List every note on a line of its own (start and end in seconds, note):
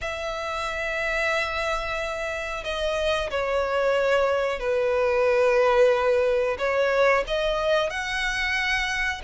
0.01 2.64 E5
2.64 3.30 D#5
3.30 4.59 C#5
4.59 6.57 B4
6.58 7.24 C#5
7.27 7.89 D#5
7.89 9.21 F#5